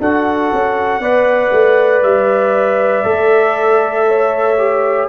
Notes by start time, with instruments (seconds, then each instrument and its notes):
0.00 tuba D4, trombone F#4, horn A4, trumpet F#5
0.53 tuba C#4
1.00 tuba B3, trombone B4, horn D5
1.52 tuba A3
2.02 tuba G3, trumpet E5
3.03 tuba A3, trombone A4
4.07 horn C#5
4.57 trombone G4